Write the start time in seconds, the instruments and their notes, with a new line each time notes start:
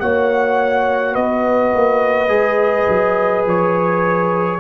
0.00 tuba A#3, trombone F#4, horn C#5, trumpet F#5
1.14 tuba B3, horn B4, trumpet D#5
1.75 tuba A#3
2.28 tuba G#3, trombone G#4
2.89 tuba F#3
3.46 tuba F3, trumpet C#5